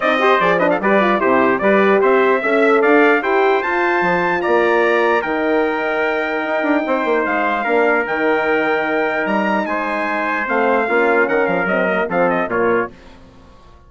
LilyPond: <<
  \new Staff \with { instrumentName = "trumpet" } { \time 4/4 \tempo 4 = 149 dis''4 d''8 dis''16 f''16 d''4 c''4 | d''4 e''2 f''4 | g''4 a''2 ais''4~ | ais''4 g''2.~ |
g''2 f''2 | g''2. ais''4 | gis''2 f''2 | fis''8 f''8 dis''4 f''8 dis''8 cis''4 | }
  \new Staff \with { instrumentName = "trumpet" } { \time 4/4 d''8 c''4 b'16 a'16 b'4 g'4 | b'4 c''4 e''4 d''4 | c''2. d''4~ | d''4 ais'2.~ |
ais'4 c''2 ais'4~ | ais'1 | c''2. f'4 | ais'2 a'4 f'4 | }
  \new Staff \with { instrumentName = "horn" } { \time 4/4 dis'8 g'8 gis'8 d'8 g'8 f'8 e'4 | g'2 a'2 | g'4 f'2.~ | f'4 dis'2.~ |
dis'2. d'4 | dis'1~ | dis'2 c'4 cis'4~ | cis'4 c'8 ais8 c'4 ais4 | }
  \new Staff \with { instrumentName = "bassoon" } { \time 4/4 c'4 f4 g4 c4 | g4 c'4 cis'4 d'4 | e'4 f'4 f4 ais4~ | ais4 dis2. |
dis'8 d'8 c'8 ais8 gis4 ais4 | dis2. g4 | gis2 a4 ais4 | dis8 f8 fis4 f4 ais,4 | }
>>